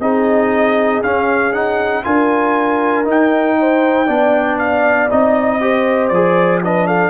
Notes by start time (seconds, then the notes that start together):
0.00 C4 D#4 G#4 D#5
1.03 C#4 F5
1.53 D#4 F#5
2.04 D4 F4 A#4 G#5
3.05 D#4 G5
3.60 C5
4.06 B3 D4 D5
4.58 F5
5.10 C4 D#4 D#5
5.60 G4 C5
6.08 F3 D5
6.14 G#4
6.64 D4 B4 D#5
6.87 A4 F5